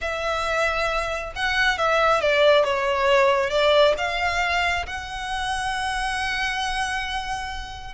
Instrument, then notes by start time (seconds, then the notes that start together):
violin
0.01 E5
1.35 F#5
1.78 E5
2.21 D5
2.64 C#5
3.50 D5
3.97 F5
4.86 F#5